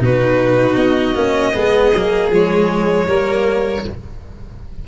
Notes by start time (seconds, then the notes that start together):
0.00 B2 D#4 F#4 B4
0.76 B3 D#5
1.15 A#3 C#4
1.54 G#3 B3 G#4
1.93 F#3 A#3
2.30 F3 G#3 C#5
3.07 G3 A#3 A#4